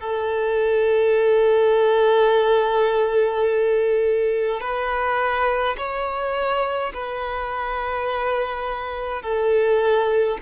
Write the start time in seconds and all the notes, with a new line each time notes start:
0.00 A4
4.61 B4
5.77 C#5
6.94 B4
9.23 A4